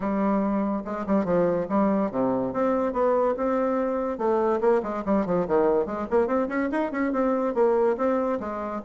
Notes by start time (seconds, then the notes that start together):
0.00 G3
0.84 G#3
1.06 G3
1.24 F3
1.69 G3
2.11 C3
2.53 C4
2.93 B3
3.36 C4
4.17 A3
4.60 A#3
4.82 G#3
5.05 G3
5.25 F3
5.47 D#3
5.86 G#3
6.10 A#3
6.27 C4
6.48 C#4
6.71 D#4
6.91 C#4
7.12 C4
7.54 A#3
7.97 C4
8.39 G#3